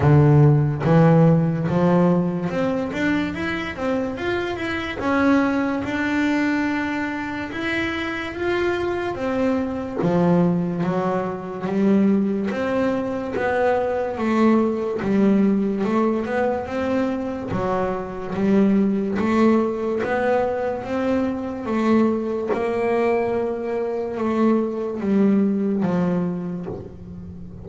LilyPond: \new Staff \with { instrumentName = "double bass" } { \time 4/4 \tempo 4 = 72 d4 e4 f4 c'8 d'8 | e'8 c'8 f'8 e'8 cis'4 d'4~ | d'4 e'4 f'4 c'4 | f4 fis4 g4 c'4 |
b4 a4 g4 a8 b8 | c'4 fis4 g4 a4 | b4 c'4 a4 ais4~ | ais4 a4 g4 f4 | }